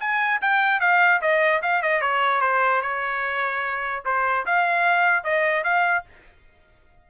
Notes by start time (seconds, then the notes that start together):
0.00 G#5
0.42 G5
0.81 F5
1.21 D#5
1.63 F5
1.82 D#5
2.02 C#5
2.41 C5
2.82 C#5
4.05 C5
4.46 F5
5.24 D#5
5.64 F5